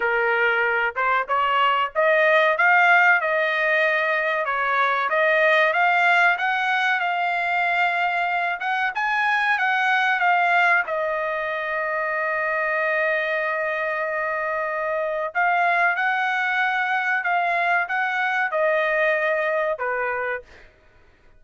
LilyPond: \new Staff \with { instrumentName = "trumpet" } { \time 4/4 \tempo 4 = 94 ais'4. c''8 cis''4 dis''4 | f''4 dis''2 cis''4 | dis''4 f''4 fis''4 f''4~ | f''4. fis''8 gis''4 fis''4 |
f''4 dis''2.~ | dis''1 | f''4 fis''2 f''4 | fis''4 dis''2 b'4 | }